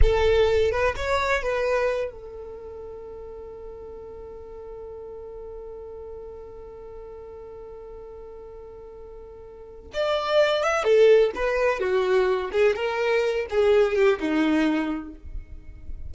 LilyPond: \new Staff \with { instrumentName = "violin" } { \time 4/4 \tempo 4 = 127 a'4. b'8 cis''4 b'4~ | b'8 a'2.~ a'8~ | a'1~ | a'1~ |
a'1~ | a'4 d''4. e''8 a'4 | b'4 fis'4. gis'8 ais'4~ | ais'8 gis'4 g'8 dis'2 | }